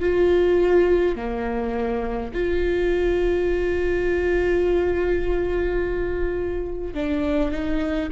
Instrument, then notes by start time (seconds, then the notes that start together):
viola
0.00 F4
1.16 A#3
2.33 F4
6.94 D4
7.51 D#4